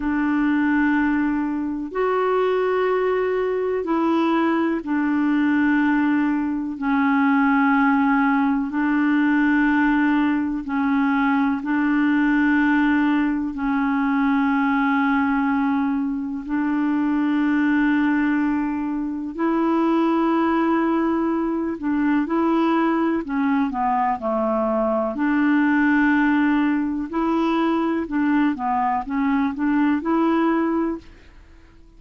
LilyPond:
\new Staff \with { instrumentName = "clarinet" } { \time 4/4 \tempo 4 = 62 d'2 fis'2 | e'4 d'2 cis'4~ | cis'4 d'2 cis'4 | d'2 cis'2~ |
cis'4 d'2. | e'2~ e'8 d'8 e'4 | cis'8 b8 a4 d'2 | e'4 d'8 b8 cis'8 d'8 e'4 | }